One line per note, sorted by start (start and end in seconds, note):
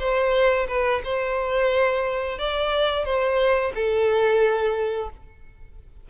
0.00 0.67 C5
0.68 1.02 B4
1.04 2.39 C5
2.39 3.05 D5
3.05 3.73 C5
3.75 5.10 A4